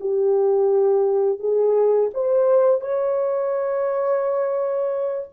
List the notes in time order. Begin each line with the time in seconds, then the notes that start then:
0.00 G4
1.39 G#4
2.14 C5
2.81 C#5